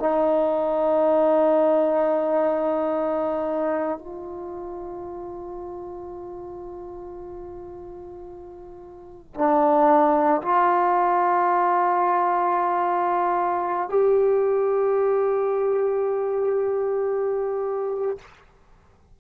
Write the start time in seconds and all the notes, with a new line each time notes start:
0.00 D#4
3.99 F4
9.35 D4
10.43 F4
13.90 G4